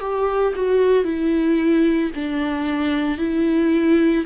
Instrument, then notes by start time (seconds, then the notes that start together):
viola
0.00 G4
0.56 F#4
1.04 E4
2.15 D4
3.18 E4